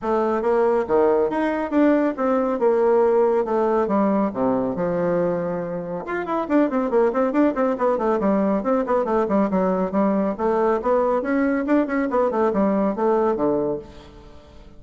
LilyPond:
\new Staff \with { instrumentName = "bassoon" } { \time 4/4 \tempo 4 = 139 a4 ais4 dis4 dis'4 | d'4 c'4 ais2 | a4 g4 c4 f4~ | f2 f'8 e'8 d'8 c'8 |
ais8 c'8 d'8 c'8 b8 a8 g4 | c'8 b8 a8 g8 fis4 g4 | a4 b4 cis'4 d'8 cis'8 | b8 a8 g4 a4 d4 | }